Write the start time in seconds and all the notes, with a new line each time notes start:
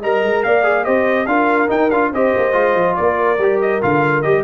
0.00 G3 A#4 D#5 A#5
0.22 G#3
0.43 A#3 D5 F5
0.63 G#4
0.84 C4 G4 C5 D#5
1.26 D4 F4 A#4 F5
1.68 D#4 G5
1.90 D4 F4 F5
2.11 C4 G4 C5 D#5
2.36 A#3
2.52 G#3 F4
2.74 F3
2.95 A#3 A#4 D5
3.37 G3 G4
3.61 D#5
3.81 D3 F4 F5
4.21 G3 G4 D#5